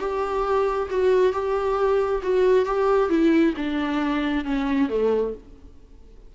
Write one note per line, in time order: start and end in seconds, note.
0.00 0.89 G4
0.90 1.33 F#4
1.33 2.21 G4
2.23 2.65 F#4
2.65 3.09 G4
3.09 3.54 E4
3.57 4.45 D4
4.45 4.89 C#4
4.89 5.34 A3